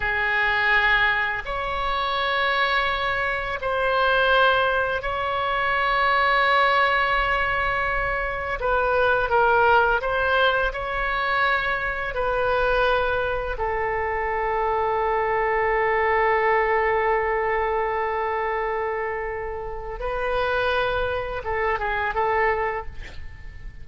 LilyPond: \new Staff \with { instrumentName = "oboe" } { \time 4/4 \tempo 4 = 84 gis'2 cis''2~ | cis''4 c''2 cis''4~ | cis''1 | b'4 ais'4 c''4 cis''4~ |
cis''4 b'2 a'4~ | a'1~ | a'1 | b'2 a'8 gis'8 a'4 | }